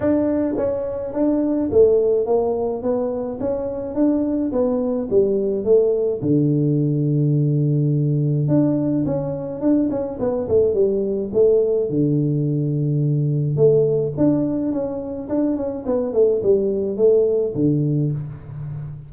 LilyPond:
\new Staff \with { instrumentName = "tuba" } { \time 4/4 \tempo 4 = 106 d'4 cis'4 d'4 a4 | ais4 b4 cis'4 d'4 | b4 g4 a4 d4~ | d2. d'4 |
cis'4 d'8 cis'8 b8 a8 g4 | a4 d2. | a4 d'4 cis'4 d'8 cis'8 | b8 a8 g4 a4 d4 | }